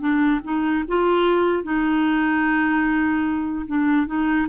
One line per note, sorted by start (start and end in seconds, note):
0.00 0.41 D4
0.44 0.85 D#4
0.88 1.64 F4
1.64 3.66 D#4
3.67 4.07 D4
4.07 4.47 D#4